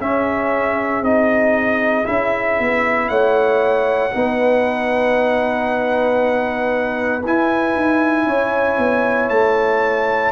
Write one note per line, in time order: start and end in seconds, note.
0.00 1.04 C#4
0.00 1.01 C#4
0.00 3.09 G#4
0.00 1.04 E5
1.01 2.05 C4
1.01 2.04 D#4
1.01 2.06 D#5
2.04 2.59 C#4
2.04 4.11 E4
2.04 3.09 E5
2.59 3.10 B3
3.09 4.14 A3
3.09 4.13 C#5
3.09 7.22 F#5
4.11 7.25 B3
4.11 7.22 D#4
4.11 8.27 B4
7.25 7.75 E4
7.25 10.32 E4
7.25 9.29 G#5
7.75 8.26 D#4
8.26 8.78 C#4
8.26 10.32 C#5
8.78 9.30 B3
9.29 10.32 A3
9.29 10.32 A5